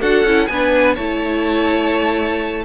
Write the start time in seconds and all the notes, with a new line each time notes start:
0.00 D4 F#4 A4 F#5
0.23 C#4 E4
0.47 B3 D4 B4 G#5
0.94 A3 E4 C#5 A5